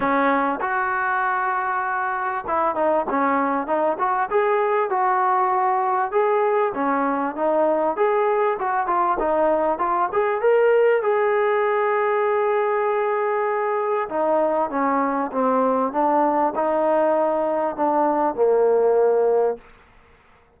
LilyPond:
\new Staff \with { instrumentName = "trombone" } { \time 4/4 \tempo 4 = 98 cis'4 fis'2. | e'8 dis'8 cis'4 dis'8 fis'8 gis'4 | fis'2 gis'4 cis'4 | dis'4 gis'4 fis'8 f'8 dis'4 |
f'8 gis'8 ais'4 gis'2~ | gis'2. dis'4 | cis'4 c'4 d'4 dis'4~ | dis'4 d'4 ais2 | }